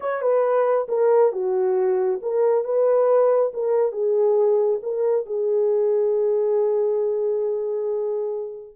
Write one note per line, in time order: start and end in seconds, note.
0.00 0.21 C#5
0.21 0.87 B4
0.88 1.32 A#4
1.32 2.20 F#4
2.21 2.64 A#4
2.64 3.52 B4
3.53 3.92 A#4
3.92 4.79 G#4
4.82 5.26 A#4
5.26 8.75 G#4